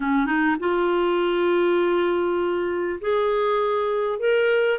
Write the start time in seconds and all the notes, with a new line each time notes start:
0.00 C#4
0.26 D#4
0.59 F4
3.00 G#4
4.19 A#4